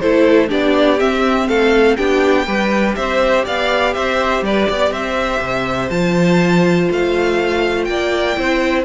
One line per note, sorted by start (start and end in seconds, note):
0.00 0.52 A3
0.00 0.49 E4
0.00 0.49 A4
0.00 0.49 C5
0.49 1.01 B3
0.49 0.98 D4
0.49 1.48 G4
0.49 1.00 D5
0.99 1.98 C4
0.99 1.49 C4
0.99 1.49 E5
1.48 1.98 A3
1.48 1.97 A4
1.48 1.97 F5
1.97 2.47 B3
1.97 2.47 D4
1.97 2.47 G4
1.97 2.95 G5
2.47 2.96 G3
2.47 5.91 G4
2.47 2.96 B4
2.95 3.46 C4
2.95 3.45 C5
2.95 3.44 E5
3.45 3.96 B3
3.45 3.94 D5
3.45 3.94 F5
3.94 4.42 C4
3.94 4.44 C5
3.94 4.43 E5
4.42 4.67 G3
4.42 4.69 B4
4.42 4.92 D5
4.69 4.91 B3
4.69 4.93 D5
4.91 5.40 C4
4.91 7.89 C5
4.91 5.90 E5
5.40 5.90 C3
5.90 6.89 F3
5.90 8.36 F4
5.90 6.89 A5
6.90 7.88 A3
6.90 7.85 F5
7.85 8.37 A#3
7.85 8.39 D5
7.85 8.83 G5
8.36 8.85 C4
8.36 8.85 E4
8.36 8.85 C5